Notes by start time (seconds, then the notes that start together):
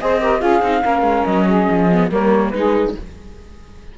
0.00 C4 G#4 C5 D#5
0.21 G4 A#4
0.39 C#4 F4 G#4 F5
0.61 C4 D#4
0.83 A#3 C#4 A#4
1.01 G#3
1.24 F#3 D#5
1.47 G#4
1.69 F3
1.92 B3
2.09 G3 A#3 A#4 C#5
2.49 G#3 D#4 G#4 B4